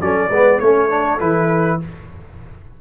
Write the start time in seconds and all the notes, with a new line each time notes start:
0.00 F#3 C#4 A4 D5
0.29 G#3 B3 B4
0.59 A3 C#4 A4 C#5
0.89 D4
1.20 E3 E4 B4